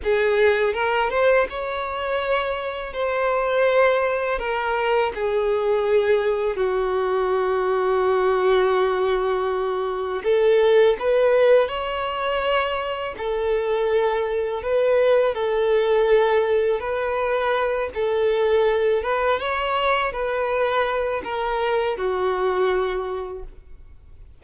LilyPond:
\new Staff \with { instrumentName = "violin" } { \time 4/4 \tempo 4 = 82 gis'4 ais'8 c''8 cis''2 | c''2 ais'4 gis'4~ | gis'4 fis'2.~ | fis'2 a'4 b'4 |
cis''2 a'2 | b'4 a'2 b'4~ | b'8 a'4. b'8 cis''4 b'8~ | b'4 ais'4 fis'2 | }